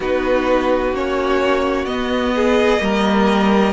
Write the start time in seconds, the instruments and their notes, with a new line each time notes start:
0.00 cello B3, viola D#4, violin F#4 B4
0.91 cello A#3, viola C#4, violin C#5
1.85 cello B3, viola B3, violin D#5
2.35 violin G#4
2.78 cello G3, viola A#3, violin A#4